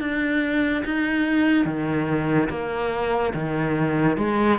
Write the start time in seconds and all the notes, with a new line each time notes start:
0.00 D4
0.84 D#4
1.65 D#3
2.49 A#3
3.34 D#3
4.17 G#3